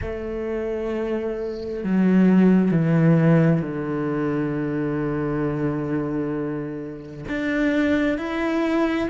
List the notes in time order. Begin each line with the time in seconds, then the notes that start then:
0.01 A3
1.83 F#3
2.71 E3
3.61 D3
7.28 D4
8.18 E4